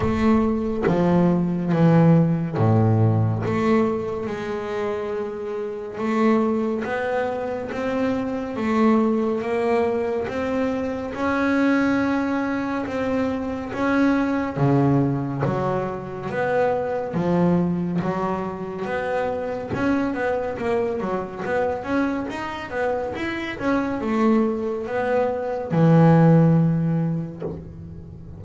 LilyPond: \new Staff \with { instrumentName = "double bass" } { \time 4/4 \tempo 4 = 70 a4 f4 e4 a,4 | a4 gis2 a4 | b4 c'4 a4 ais4 | c'4 cis'2 c'4 |
cis'4 cis4 fis4 b4 | f4 fis4 b4 cis'8 b8 | ais8 fis8 b8 cis'8 dis'8 b8 e'8 cis'8 | a4 b4 e2 | }